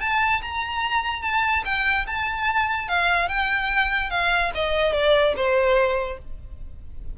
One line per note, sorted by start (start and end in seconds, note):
0.00 0.41 A5
0.41 1.22 A#5
1.22 1.63 A5
1.65 2.06 G5
2.07 2.88 A5
2.88 3.28 F5
3.28 4.10 G5
4.10 4.51 F5
4.54 4.93 D#5
4.93 5.34 D5
5.36 6.18 C5